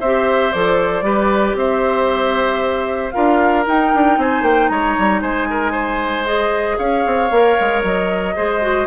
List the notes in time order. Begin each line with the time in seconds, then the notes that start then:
0.00 C4 G4 C5 E5
0.52 F3 A4 D5
1.02 G3 G4 B4
1.54 C4 C5 E5
3.11 D4 F4 A#4 F5
3.66 D#4 G5
3.94 D4
4.17 C4 C5 G#5
4.42 A#3 G5
4.68 G#3 C#5 A#5
4.98 G3
5.21 G#3 C5 G#5
5.50 A#4
5.72 C5
6.25 G#4 D#5
6.78 C#4 C#5 F5
7.06 C4
7.31 A#3 A#4
7.60 G#3
7.83 F#3 D#5
8.35 G#3 G#4 C5
8.61 F#4